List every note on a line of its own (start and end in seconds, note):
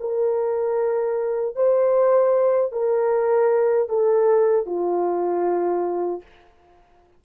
0.00 1.56 A#4
1.56 2.72 C5
2.72 3.89 A#4
3.89 4.66 A4
4.66 6.22 F4